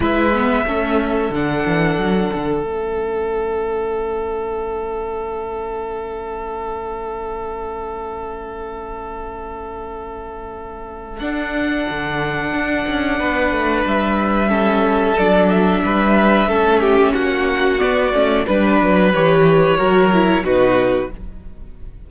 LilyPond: <<
  \new Staff \with { instrumentName = "violin" } { \time 4/4 \tempo 4 = 91 e''2 fis''2 | e''1~ | e''1~ | e''1~ |
e''4 fis''2.~ | fis''4 e''2 d''8 e''8~ | e''2 fis''4 d''4 | b'4 cis''2 b'4 | }
  \new Staff \with { instrumentName = "violin" } { \time 4/4 b'4 a'2.~ | a'1~ | a'1~ | a'1~ |
a'1 | b'2 a'2 | b'4 a'8 g'8 fis'2 | b'2 ais'4 fis'4 | }
  \new Staff \with { instrumentName = "viola" } { \time 4/4 e'8 b8 cis'4 d'2 | cis'1~ | cis'1~ | cis'1~ |
cis'4 d'2.~ | d'2 cis'4 d'4~ | d'4 cis'2 b8 cis'8 | d'4 g'4 fis'8 e'8 dis'4 | }
  \new Staff \with { instrumentName = "cello" } { \time 4/4 gis4 a4 d8 e8 fis8 d8 | a1~ | a1~ | a1~ |
a4 d'4 d4 d'8 cis'8 | b8 a8 g2 fis4 | g4 a4 ais4 b8 a8 | g8 fis8 e4 fis4 b,4 | }
>>